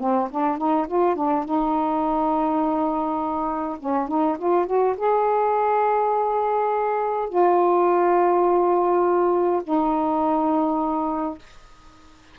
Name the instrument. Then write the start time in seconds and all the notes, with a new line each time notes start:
saxophone
0.00 C4
0.31 D4
0.58 D#4
0.88 F4
1.16 D4
1.45 D#4
3.80 C#4
4.09 D#4
4.39 F4
4.67 F#4
4.98 G#4
7.30 F4
9.64 D#4